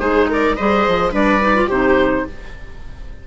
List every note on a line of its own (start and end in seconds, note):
0.00 0.57 G#3
0.00 0.56 D#4
0.00 0.29 G#4
0.00 0.28 C5
0.30 0.57 A#4
0.30 0.56 D5
0.56 0.88 G3
0.56 1.11 G#4
0.56 1.12 C5
0.56 1.12 D#5
0.88 1.13 F3
1.11 1.69 G3
1.11 1.39 D4
1.11 1.67 B4
1.11 1.70 D5
1.41 1.55 D#4
1.55 1.69 F4
1.67 2.25 C3
1.67 2.27 D#4
1.67 2.23 G4
1.67 2.26 C5